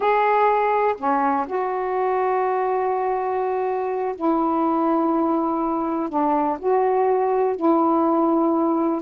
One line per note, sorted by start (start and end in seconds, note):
0.00 0.95 G#4
0.97 1.46 C#4
1.46 4.15 F#4
4.15 6.09 E4
6.09 6.58 D4
6.59 7.55 F#4
7.55 9.01 E4